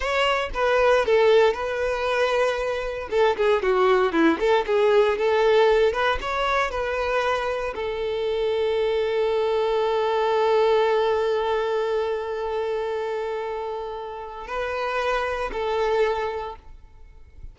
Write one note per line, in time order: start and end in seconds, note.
0.00 0.50 C#5
0.53 1.05 B4
1.05 1.53 A4
1.53 3.08 B4
3.10 3.36 A4
3.36 3.62 G#4
3.62 4.12 F#4
4.12 4.38 E4
4.39 4.65 A4
4.66 5.18 G#4
5.18 5.92 A4
5.92 6.18 B4
6.21 6.70 C#5
6.70 7.74 B4
7.75 14.47 A4
14.47 15.50 B4
15.52 16.55 A4